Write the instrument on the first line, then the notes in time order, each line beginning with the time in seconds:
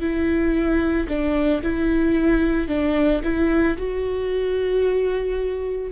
viola
0.00 E4
1.08 D4
1.63 E4
2.68 D4
3.23 E4
3.77 F#4